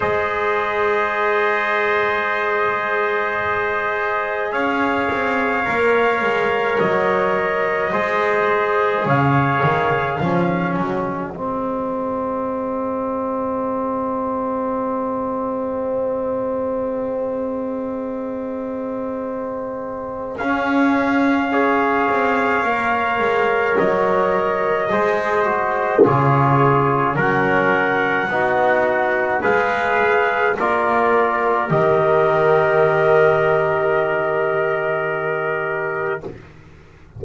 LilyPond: <<
  \new Staff \with { instrumentName = "trumpet" } { \time 4/4 \tempo 4 = 53 dis''1 | f''2 dis''2 | f''4. dis''2~ dis''8~ | dis''1~ |
dis''2 f''2~ | f''4 dis''2 cis''4 | fis''2 f''4 d''4 | dis''1 | }
  \new Staff \with { instrumentName = "trumpet" } { \time 4/4 c''1 | cis''2. c''4 | cis''4 gis'2.~ | gis'1~ |
gis'2. cis''4~ | cis''2 c''4 gis'4 | ais'4 fis'4 b'4 ais'4~ | ais'1 | }
  \new Staff \with { instrumentName = "trombone" } { \time 4/4 gis'1~ | gis'4 ais'2 gis'4~ | gis'4 cis'4 c'2~ | c'1~ |
c'2 cis'4 gis'4 | ais'2 gis'8 fis'8 f'4 | cis'4 dis'4 gis'4 f'4 | g'1 | }
  \new Staff \with { instrumentName = "double bass" } { \time 4/4 gis1 | cis'8 c'8 ais8 gis8 fis4 gis4 | cis8 dis8 f8 fis8 gis2~ | gis1~ |
gis2 cis'4. c'8 | ais8 gis8 fis4 gis4 cis4 | fis4 b4 gis4 ais4 | dis1 | }
>>